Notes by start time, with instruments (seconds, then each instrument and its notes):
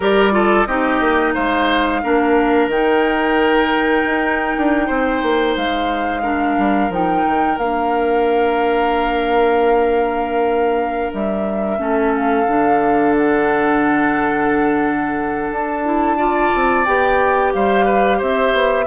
0.00 bassoon G3, clarinet G4, oboe A#4, flute D5
0.31 clarinet F4, oboe A4
0.66 bassoon C4, clarinet D#4, oboe G4, flute D#5
1.00 bassoon A#3
1.33 bassoon G#3, oboe C5, flute F5
2.03 bassoon A#3, clarinet D4, oboe A#4
2.67 bassoon D#3, clarinet D#4, flute G5
4.05 bassoon D#4
4.57 bassoon D4
4.86 bassoon C4, oboe C5
5.22 bassoon A#3
5.56 bassoon G#3, flute F5
6.22 clarinet D4, oboe A#4
6.57 bassoon G3
6.89 bassoon F3, clarinet D#4, flute G5
7.26 bassoon D#3
7.57 bassoon A#3, clarinet D4, flute F5
11.12 bassoon G3, flute E5
11.78 bassoon A3, clarinet C#4, oboe A4
12.14 flute F5
12.47 bassoon D3, clarinet D4
13.17 flute F#5
15.50 bassoon D4, flute A5
15.84 clarinet E4
16.17 clarinet F4, oboe D5
16.54 bassoon C4
16.85 bassoon B3, clarinet G4, flute G5
17.53 bassoon G3, oboe C5, flute F5
17.85 oboe B4
18.17 bassoon C4, oboe C5, flute E5
18.53 bassoon B3